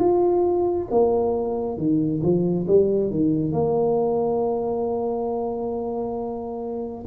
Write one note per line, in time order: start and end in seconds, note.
0.00 0.88 F4
0.91 1.78 A#3
1.78 2.22 D#3
2.23 2.67 F3
2.68 3.11 G3
3.11 3.53 D#3
3.53 7.05 A#3